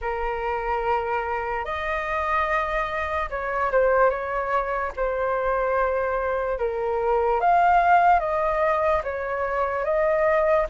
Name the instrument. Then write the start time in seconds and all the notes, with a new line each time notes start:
flute
0.01 A#4
1.64 D#5
3.30 C#5
3.71 C5
4.09 C#5
4.96 C5
6.58 A#4
7.40 F5
8.19 D#5
9.03 C#5
9.84 D#5